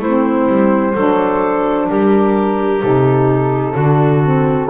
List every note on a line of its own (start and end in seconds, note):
0.00 0.47 A3
0.00 0.95 C4
0.00 0.94 E4
0.00 1.90 C5
0.47 0.94 G3
0.94 1.89 F#3
0.94 2.81 D4
0.94 1.87 A4
1.89 2.83 G3
1.89 3.74 G4
1.89 2.82 A#4
2.81 3.75 C3
2.81 3.75 D#4
2.81 4.70 A4
3.74 4.69 D3
3.74 4.24 D4
3.74 4.68 F#4
4.24 4.70 C4